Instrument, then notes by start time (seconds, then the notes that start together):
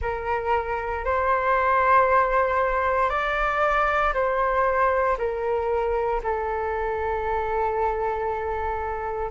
flute
0.01 A#4
1.04 C5
3.09 D5
4.13 C5
5.17 A#4
6.23 A4